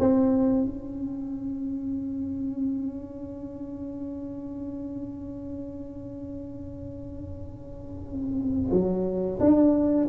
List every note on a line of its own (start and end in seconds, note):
0.00 0.66 C4
0.66 8.72 C#4
8.72 9.39 F#3
9.40 10.08 D4